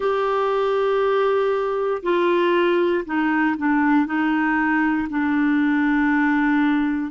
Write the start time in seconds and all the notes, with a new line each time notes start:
0.00 G4
2.02 F4
3.05 D#4
3.57 D4
4.06 D#4
5.09 D4